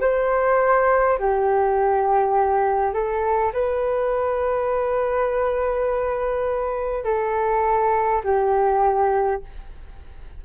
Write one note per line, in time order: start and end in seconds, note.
0.00 1.18 C5
1.18 2.93 G4
2.93 3.52 A4
3.52 7.04 B4
7.04 8.21 A4
8.24 9.41 G4